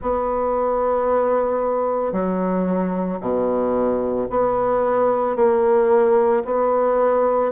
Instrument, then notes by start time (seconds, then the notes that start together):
bassoon
0.01 B3
2.12 F#3
3.20 B2
4.30 B3
5.36 A#3
6.44 B3